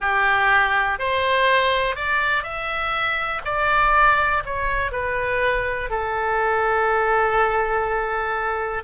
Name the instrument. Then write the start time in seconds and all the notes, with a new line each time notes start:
oboe
0.00 G4
0.98 C5
1.95 D5
2.43 E5
3.44 D5
4.45 C#5
4.91 B4
5.90 A4